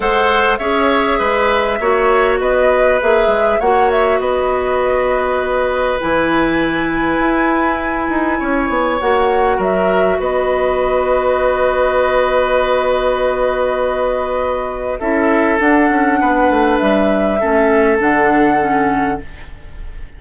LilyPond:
<<
  \new Staff \with { instrumentName = "flute" } { \time 4/4 \tempo 4 = 100 fis''4 e''2. | dis''4 e''4 fis''8 e''8 dis''4~ | dis''2 gis''2~ | gis''2. fis''4 |
e''4 dis''2.~ | dis''1~ | dis''4 e''4 fis''2 | e''2 fis''2 | }
  \new Staff \with { instrumentName = "oboe" } { \time 4/4 c''4 cis''4 b'4 cis''4 | b'2 cis''4 b'4~ | b'1~ | b'2 cis''2 |
ais'4 b'2.~ | b'1~ | b'4 a'2 b'4~ | b'4 a'2. | }
  \new Staff \with { instrumentName = "clarinet" } { \time 4/4 a'4 gis'2 fis'4~ | fis'4 gis'4 fis'2~ | fis'2 e'2~ | e'2. fis'4~ |
fis'1~ | fis'1~ | fis'4 e'4 d'2~ | d'4 cis'4 d'4 cis'4 | }
  \new Staff \with { instrumentName = "bassoon" } { \time 4/4 gis4 cis'4 gis4 ais4 | b4 ais8 gis8 ais4 b4~ | b2 e2 | e'4. dis'8 cis'8 b8 ais4 |
fis4 b2.~ | b1~ | b4 cis'4 d'8 cis'8 b8 a8 | g4 a4 d2 | }
>>